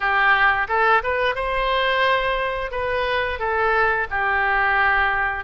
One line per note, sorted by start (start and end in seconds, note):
0.00 0.67 G4
0.68 1.02 A4
1.03 1.35 B4
1.35 2.71 C5
2.71 3.39 B4
3.39 4.07 A4
4.10 5.44 G4